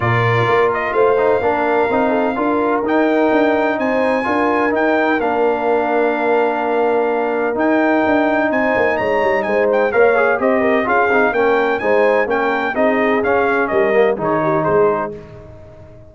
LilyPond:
<<
  \new Staff \with { instrumentName = "trumpet" } { \time 4/4 \tempo 4 = 127 d''4. dis''8 f''2~ | f''2 g''2 | gis''2 g''4 f''4~ | f''1 |
g''2 gis''4 ais''4 | gis''8 g''8 f''4 dis''4 f''4 | g''4 gis''4 g''4 dis''4 | f''4 dis''4 cis''4 c''4 | }
  \new Staff \with { instrumentName = "horn" } { \time 4/4 ais'2 c''4 ais'4~ | ais'8 a'8 ais'2. | c''4 ais'2.~ | ais'1~ |
ais'2 c''4 cis''4 | c''4 cis''4 c''8 ais'8 gis'4 | ais'4 c''4 ais'4 gis'4~ | gis'4 ais'4 gis'8 g'8 gis'4 | }
  \new Staff \with { instrumentName = "trombone" } { \time 4/4 f'2~ f'8 dis'8 d'4 | dis'4 f'4 dis'2~ | dis'4 f'4 dis'4 d'4~ | d'1 |
dis'1~ | dis'4 ais'8 gis'8 g'4 f'8 dis'8 | cis'4 dis'4 cis'4 dis'4 | cis'4. ais8 dis'2 | }
  \new Staff \with { instrumentName = "tuba" } { \time 4/4 ais,4 ais4 a4 ais4 | c'4 d'4 dis'4 d'4 | c'4 d'4 dis'4 ais4~ | ais1 |
dis'4 d'4 c'8 ais8 gis8 g8 | gis4 ais4 c'4 cis'8 c'8 | ais4 gis4 ais4 c'4 | cis'4 g4 dis4 gis4 | }
>>